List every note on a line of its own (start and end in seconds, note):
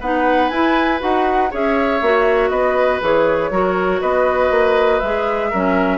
0.00 0.51 B3
0.00 0.52 D#4
0.00 1.50 B4
0.00 0.49 F#5
0.49 1.01 E4
0.49 0.99 E4
0.49 0.99 G#5
0.99 1.52 D#4
0.99 1.49 F#4
0.99 1.52 F#5
1.51 2.01 C#4
1.51 2.01 G#4
1.51 2.50 C#5
1.51 2.49 E5
2.01 2.51 A#3
2.01 3.01 F#4
2.49 3.01 B3
2.49 3.50 B4
2.49 2.99 D#5
3.01 3.51 E3
3.01 3.51 G#4
3.01 4.01 C#5
3.51 4.01 F#3
3.51 5.02 F#4
3.51 4.01 A#4
4.01 4.51 B3
4.01 5.50 B4
4.01 5.00 D#5
4.51 5.01 A#3
5.00 5.52 G#3
5.00 5.53 G#4
5.00 5.98 E5
5.50 5.98 F#3
5.50 5.98 C#4
5.50 5.98 A#4